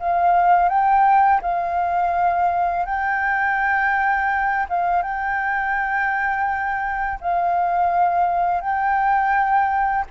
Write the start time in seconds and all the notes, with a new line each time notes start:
0.00 F5
0.69 G5
1.42 F5
2.86 G5
4.70 F5
5.03 G5
7.21 F5
8.61 G5